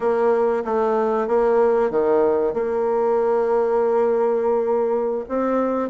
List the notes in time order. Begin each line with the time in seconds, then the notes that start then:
0.00 A#3
0.64 A3
1.27 A#3
1.90 D#3
2.53 A#3
5.28 C4